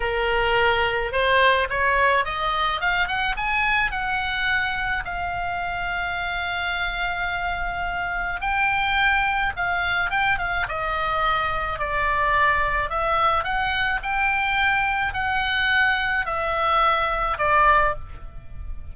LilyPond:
\new Staff \with { instrumentName = "oboe" } { \time 4/4 \tempo 4 = 107 ais'2 c''4 cis''4 | dis''4 f''8 fis''8 gis''4 fis''4~ | fis''4 f''2.~ | f''2. g''4~ |
g''4 f''4 g''8 f''8 dis''4~ | dis''4 d''2 e''4 | fis''4 g''2 fis''4~ | fis''4 e''2 d''4 | }